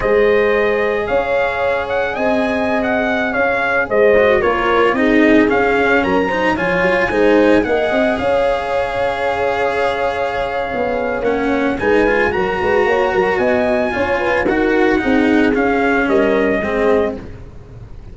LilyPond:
<<
  \new Staff \with { instrumentName = "trumpet" } { \time 4/4 \tempo 4 = 112 dis''2 f''4. fis''8 | gis''4~ gis''16 fis''4 f''4 dis''8.~ | dis''16 cis''4 dis''4 f''4 ais''8.~ | ais''16 gis''2 fis''4 f''8.~ |
f''1~ | f''4 fis''4 gis''4 ais''4~ | ais''4 gis''2 fis''4~ | fis''4 f''4 dis''2 | }
  \new Staff \with { instrumentName = "horn" } { \time 4/4 c''2 cis''2 | dis''2~ dis''16 cis''4 c''8.~ | c''16 ais'4 gis'2 ais'8 c''16~ | c''16 cis''4 c''4 dis''4 cis''8.~ |
cis''1~ | cis''2 b'4 ais'8 b'8 | cis''8 ais'8 dis''4 cis''8 b'8 ais'4 | gis'2 ais'4 gis'4 | }
  \new Staff \with { instrumentName = "cello" } { \time 4/4 gis'1~ | gis'2.~ gis'8. fis'16~ | fis'16 f'4 dis'4 cis'4. dis'16~ | dis'16 f'4 dis'4 gis'4.~ gis'16~ |
gis'1~ | gis'4 cis'4 dis'8 f'8 fis'4~ | fis'2 f'4 fis'4 | dis'4 cis'2 c'4 | }
  \new Staff \with { instrumentName = "tuba" } { \time 4/4 gis2 cis'2 | c'2~ c'16 cis'4 gis8.~ | gis16 ais4 c'4 cis'4 fis8.~ | fis16 f8 fis8 gis4 ais8 c'8 cis'8.~ |
cis'1 | b4 ais4 gis4 fis8 gis8 | ais8 fis8 b4 cis'4 dis'4 | c'4 cis'4 g4 gis4 | }
>>